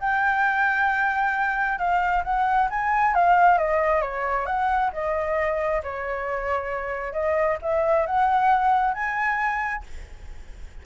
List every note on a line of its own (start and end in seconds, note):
0.00 1.78 G5
1.78 2.23 F5
2.24 2.69 F#5
2.70 3.14 G#5
3.14 3.58 F5
3.58 4.02 D#5
4.02 4.46 C#5
4.46 4.91 F#5
4.93 5.82 D#5
5.83 7.13 C#5
7.13 7.58 D#5
7.62 8.06 E5
8.06 8.94 F#5
8.94 9.84 G#5